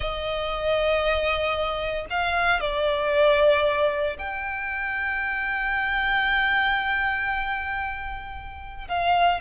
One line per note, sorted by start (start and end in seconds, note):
0.00 2.05 D#5
2.10 2.60 F5
2.60 4.16 D5
4.18 8.87 G5
8.88 9.40 F5